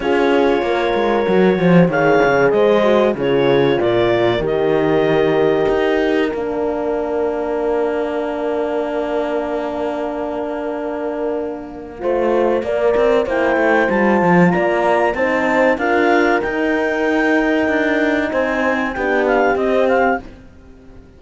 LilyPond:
<<
  \new Staff \with { instrumentName = "clarinet" } { \time 4/4 \tempo 4 = 95 cis''2. f''4 | dis''4 cis''4 d''4 dis''4~ | dis''2 f''2~ | f''1~ |
f''1~ | f''4 g''4 a''4 ais''4 | a''4 f''4 g''2~ | g''4 gis''4 g''8 f''8 dis''8 f''8 | }
  \new Staff \with { instrumentName = "horn" } { \time 4/4 gis'4 ais'4. c''8 cis''4 | c''4 gis'4 ais'2~ | ais'1~ | ais'1~ |
ais'2. c''4 | d''4 c''2 d''4 | c''4 ais'2.~ | ais'4 c''4 g'2 | }
  \new Staff \with { instrumentName = "horn" } { \time 4/4 f'2 fis'4 gis'4~ | gis'8 fis'8 f'2 g'4~ | g'2 d'2~ | d'1~ |
d'2. f'4 | ais'4 e'4 f'2 | dis'4 f'4 dis'2~ | dis'2 d'4 c'4 | }
  \new Staff \with { instrumentName = "cello" } { \time 4/4 cis'4 ais8 gis8 fis8 f8 dis8 cis8 | gis4 cis4 ais,4 dis4~ | dis4 dis'4 ais2~ | ais1~ |
ais2. a4 | ais8 c'8 ais8 a8 g8 f8 ais4 | c'4 d'4 dis'2 | d'4 c'4 b4 c'4 | }
>>